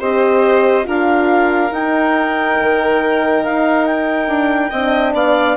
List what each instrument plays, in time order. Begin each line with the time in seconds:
0.00 bassoon C4, horn G4, violin C5, clarinet D#5
0.83 bassoon D4, horn F4, violin A#4, clarinet F5
1.71 bassoon D#4, horn D#4, clarinet G5
2.61 bassoon D#3
3.44 bassoon D#4, clarinet F5
3.85 clarinet G5
4.27 bassoon D4
4.70 bassoon C4, horn D4, violin D#5
5.13 bassoon B3, violin D5, clarinet F5